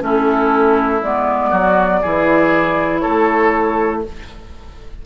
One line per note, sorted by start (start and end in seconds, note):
0.00 1.02 A3
0.00 1.00 C#4
0.00 1.50 E4
0.00 1.03 A4
1.03 1.52 G#3
1.03 2.04 B3
1.03 2.99 D5
1.50 2.02 F#3
1.50 2.00 F#4
2.02 3.05 E3
2.02 4.04 E4
2.02 3.02 G#4
2.99 4.02 A4
2.99 3.99 C#5
3.06 4.06 A3